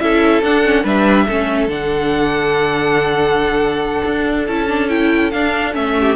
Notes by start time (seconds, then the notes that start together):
0.00 C#4 E4 A4 E5
0.43 D4 F#5
0.64 C#4
0.84 G3 D4 B4 E5
1.27 A3 C#4 A4
1.68 D3 D4 F#5
4.06 D4
4.47 C#4 E4 A5
4.68 D4
4.89 E4 G5
5.31 D4 F5
5.73 A3 C#4 E5
6.00 G4